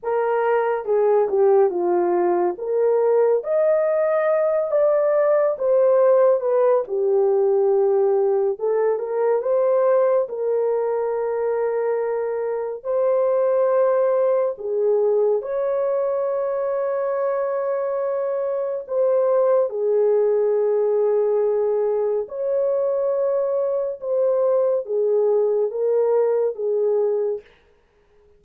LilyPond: \new Staff \with { instrumentName = "horn" } { \time 4/4 \tempo 4 = 70 ais'4 gis'8 g'8 f'4 ais'4 | dis''4. d''4 c''4 b'8 | g'2 a'8 ais'8 c''4 | ais'2. c''4~ |
c''4 gis'4 cis''2~ | cis''2 c''4 gis'4~ | gis'2 cis''2 | c''4 gis'4 ais'4 gis'4 | }